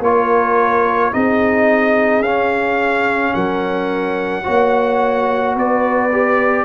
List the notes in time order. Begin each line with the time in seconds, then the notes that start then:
0.00 A#3 F4 A#4 C#5
1.13 C4 D#4 G#4 D#5
2.22 C#4 F5
3.34 F#3 A#4 F#5
4.44 A#3 F#4 C#5
5.55 B3 B4 D5
6.12 G4